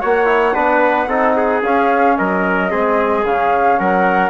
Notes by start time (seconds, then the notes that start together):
0.00 A#3 F#4 C#5 F#5
0.25 E4
0.54 B3 D4 B4
1.07 C4 D#4 A4
1.36 G#4
1.62 C#4 F5
2.17 F#3 A#4 D#5
2.69 G#3 C4 G#4
3.24 C#3 C#4 F5
3.79 F#3 A#4 F#5